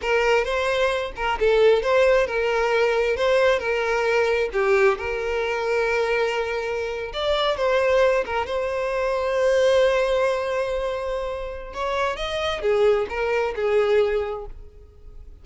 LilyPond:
\new Staff \with { instrumentName = "violin" } { \time 4/4 \tempo 4 = 133 ais'4 c''4. ais'8 a'4 | c''4 ais'2 c''4 | ais'2 g'4 ais'4~ | ais'2.~ ais'8. d''16~ |
d''8. c''4. ais'8 c''4~ c''16~ | c''1~ | c''2 cis''4 dis''4 | gis'4 ais'4 gis'2 | }